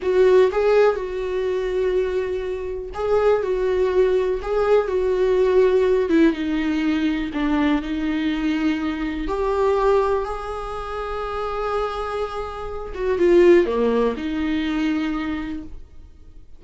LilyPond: \new Staff \with { instrumentName = "viola" } { \time 4/4 \tempo 4 = 123 fis'4 gis'4 fis'2~ | fis'2 gis'4 fis'4~ | fis'4 gis'4 fis'2~ | fis'8 e'8 dis'2 d'4 |
dis'2. g'4~ | g'4 gis'2.~ | gis'2~ gis'8 fis'8 f'4 | ais4 dis'2. | }